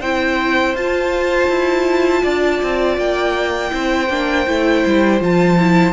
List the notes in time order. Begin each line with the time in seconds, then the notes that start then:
0.00 C4 E4 C5 G5
0.74 F4 A5
1.49 E4
2.23 D4 D5
2.62 C4
2.98 A#3 G5
3.70 C4 E4 C5
4.10 A#3 D4
4.46 A3 E4
4.86 G3
5.20 F3 F4 A5
5.59 E4